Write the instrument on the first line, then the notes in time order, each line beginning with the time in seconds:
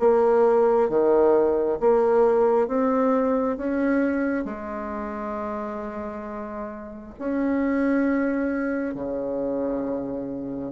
bassoon
0.00 A#3
0.90 D#3
1.81 A#3
2.68 C4
3.58 C#4
4.45 G#3
7.19 C#4
8.95 C#3